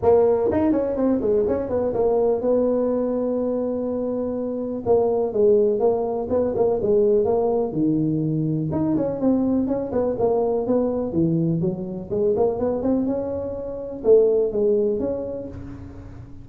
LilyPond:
\new Staff \with { instrumentName = "tuba" } { \time 4/4 \tempo 4 = 124 ais4 dis'8 cis'8 c'8 gis8 cis'8 b8 | ais4 b2.~ | b2 ais4 gis4 | ais4 b8 ais8 gis4 ais4 |
dis2 dis'8 cis'8 c'4 | cis'8 b8 ais4 b4 e4 | fis4 gis8 ais8 b8 c'8 cis'4~ | cis'4 a4 gis4 cis'4 | }